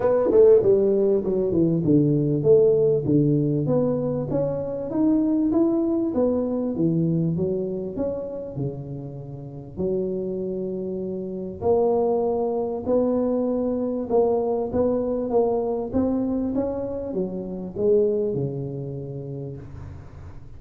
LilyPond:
\new Staff \with { instrumentName = "tuba" } { \time 4/4 \tempo 4 = 98 b8 a8 g4 fis8 e8 d4 | a4 d4 b4 cis'4 | dis'4 e'4 b4 e4 | fis4 cis'4 cis2 |
fis2. ais4~ | ais4 b2 ais4 | b4 ais4 c'4 cis'4 | fis4 gis4 cis2 | }